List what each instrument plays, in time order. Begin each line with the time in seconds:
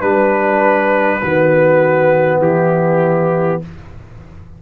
0.00 tuba G3, trombone D4, horn B4, trumpet B4
1.21 tuba D#3, trombone B3, horn F#4
2.40 tuba E3, horn E4, trumpet G4